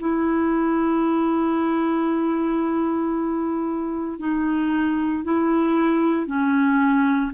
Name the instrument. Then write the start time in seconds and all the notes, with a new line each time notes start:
clarinet
0.00 E4
4.19 D#4
5.24 E4
6.27 C#4